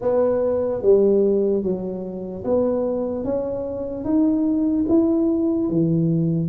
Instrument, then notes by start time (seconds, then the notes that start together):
tuba
0.01 B3
0.82 G3
1.62 F#3
2.44 B3
3.24 C#4
4.04 D#4
4.88 E4
5.69 E3